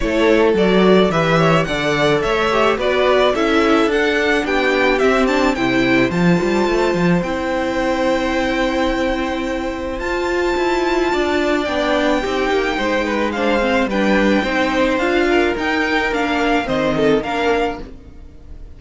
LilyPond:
<<
  \new Staff \with { instrumentName = "violin" } { \time 4/4 \tempo 4 = 108 cis''4 d''4 e''4 fis''4 | e''4 d''4 e''4 fis''4 | g''4 e''8 a''8 g''4 a''4~ | a''4 g''2.~ |
g''2 a''2~ | a''4 g''2. | f''4 g''2 f''4 | g''4 f''4 dis''4 f''4 | }
  \new Staff \with { instrumentName = "violin" } { \time 4/4 a'2 b'8 cis''8 d''4 | cis''4 b'4 a'2 | g'2 c''2~ | c''1~ |
c''1 | d''2 g'4 c''8 b'8 | c''4 b'4 c''4. ais'8~ | ais'2 c''8 a'8 ais'4 | }
  \new Staff \with { instrumentName = "viola" } { \time 4/4 e'4 fis'4 g'4 a'4~ | a'8 g'8 fis'4 e'4 d'4~ | d'4 c'8 d'8 e'4 f'4~ | f'4 e'2.~ |
e'2 f'2~ | f'4 d'4 dis'2 | d'8 c'8 d'4 dis'4 f'4 | dis'4 d'4 c'4 d'4 | }
  \new Staff \with { instrumentName = "cello" } { \time 4/4 a4 fis4 e4 d4 | a4 b4 cis'4 d'4 | b4 c'4 c4 f8 g8 | a8 f8 c'2.~ |
c'2 f'4 e'4 | d'4 b4 c'8 ais8 gis4~ | gis4 g4 c'4 d'4 | dis'4 ais4 dis4 ais4 | }
>>